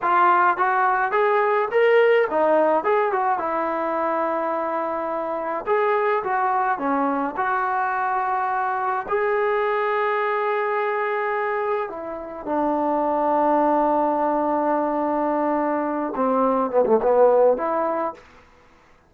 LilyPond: \new Staff \with { instrumentName = "trombone" } { \time 4/4 \tempo 4 = 106 f'4 fis'4 gis'4 ais'4 | dis'4 gis'8 fis'8 e'2~ | e'2 gis'4 fis'4 | cis'4 fis'2. |
gis'1~ | gis'4 e'4 d'2~ | d'1~ | d'8 c'4 b16 a16 b4 e'4 | }